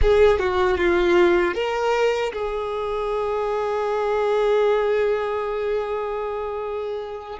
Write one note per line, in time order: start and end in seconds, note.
0.01 0.39 G#4
0.39 0.77 F#4
0.77 1.54 F4
1.54 2.32 A#4
2.32 7.39 G#4